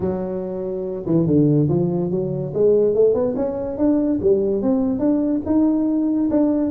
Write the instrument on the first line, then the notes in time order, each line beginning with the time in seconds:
tuba
0.00 F#3
1.05 E3
1.26 D3
1.68 F3
2.11 F#3
2.54 G#3
2.94 A3
3.14 B3
3.35 C#4
3.77 D4
4.21 G3
4.62 C4
4.99 D4
5.45 D#4
6.30 D4